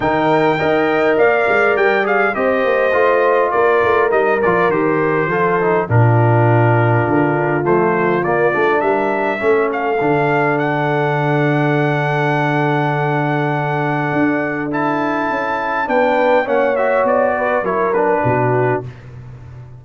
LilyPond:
<<
  \new Staff \with { instrumentName = "trumpet" } { \time 4/4 \tempo 4 = 102 g''2 f''4 g''8 f''8 | dis''2 d''4 dis''8 d''8 | c''2 ais'2~ | ais'4 c''4 d''4 e''4~ |
e''8 f''4. fis''2~ | fis''1~ | fis''4 a''2 g''4 | fis''8 e''8 d''4 cis''8 b'4. | }
  \new Staff \with { instrumentName = "horn" } { \time 4/4 ais'4 dis''4 d''2 | c''2 ais'2~ | ais'4 a'4 f'2~ | f'2. ais'4 |
a'1~ | a'1~ | a'2. b'4 | cis''4. b'8 ais'4 fis'4 | }
  \new Staff \with { instrumentName = "trombone" } { \time 4/4 dis'4 ais'2~ ais'8 gis'8 | g'4 f'2 dis'8 f'8 | g'4 f'8 dis'8 d'2~ | d'4 a4 ais8 d'4. |
cis'4 d'2.~ | d'1~ | d'4 e'2 d'4 | cis'8 fis'4. e'8 d'4. | }
  \new Staff \with { instrumentName = "tuba" } { \time 4/4 dis4 dis'4 ais8 gis8 g4 | c'8 ais8 a4 ais8 a8 g8 f8 | dis4 f4 ais,2 | d4 f4 ais8 a8 g4 |
a4 d2.~ | d1 | d'2 cis'4 b4 | ais4 b4 fis4 b,4 | }
>>